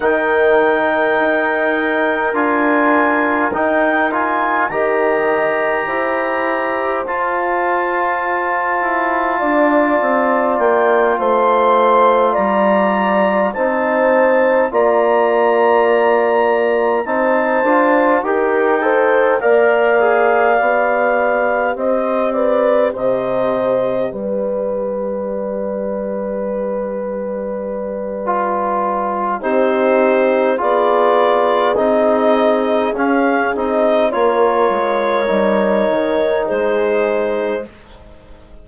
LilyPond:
<<
  \new Staff \with { instrumentName = "clarinet" } { \time 4/4 \tempo 4 = 51 g''2 gis''4 g''8 gis''8 | ais''2 a''2~ | a''4 g''8 c'''4 ais''4 a''8~ | a''8 ais''2 a''4 g''8~ |
g''8 f''2 dis''8 d''8 dis''8~ | dis''8 d''2.~ d''8~ | d''4 c''4 d''4 dis''4 | f''8 dis''8 cis''2 c''4 | }
  \new Staff \with { instrumentName = "horn" } { \time 4/4 ais'1 | dis''4 c''2. | d''4. c''4 d''4 c''8~ | c''8 d''2 c''4 ais'8 |
c''8 d''2 c''8 b'8 c''8~ | c''8 b'2.~ b'8~ | b'4 g'4 gis'2~ | gis'4 ais'2 gis'4 | }
  \new Staff \with { instrumentName = "trombone" } { \time 4/4 dis'2 f'4 dis'8 f'8 | g'2 f'2~ | f'2.~ f'8 dis'8~ | dis'8 f'2 dis'8 f'8 g'8 |
a'8 ais'8 gis'8 g'2~ g'8~ | g'1 | f'4 dis'4 f'4 dis'4 | cis'8 dis'8 f'4 dis'2 | }
  \new Staff \with { instrumentName = "bassoon" } { \time 4/4 dis4 dis'4 d'4 dis'4 | dis4 e'4 f'4. e'8 | d'8 c'8 ais8 a4 g4 c'8~ | c'8 ais2 c'8 d'8 dis'8~ |
dis'8 ais4 b4 c'4 c8~ | c8 g2.~ g8~ | g4 c'4 b4 c'4 | cis'8 c'8 ais8 gis8 g8 dis8 gis4 | }
>>